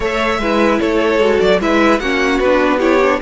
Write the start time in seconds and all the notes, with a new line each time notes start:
0.00 A3 A4 C#5 E5
0.39 G#3 E4 B4
0.80 A3 A4 C#5
1.18 G#3 F#4
1.40 F#3 D5
1.59 G#3 E4 B4 E5
1.99 A#3 C#4 F#4 F#5
2.39 B3 D4 B4
2.77 E4 G4 C#5
3.02 D4